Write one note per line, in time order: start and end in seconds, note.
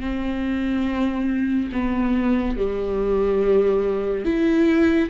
0.00 1.69 C4
1.72 2.57 B3
2.57 4.24 G3
4.24 5.09 E4